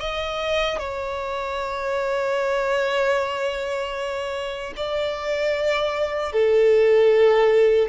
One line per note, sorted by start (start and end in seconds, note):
0.00 0.79 D#5
0.79 4.73 C#5
4.76 6.32 D5
6.32 7.88 A4